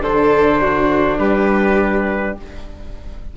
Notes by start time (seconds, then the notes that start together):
0.00 D3 D4 A4 C5
0.61 F#4
1.18 G3 G4 B4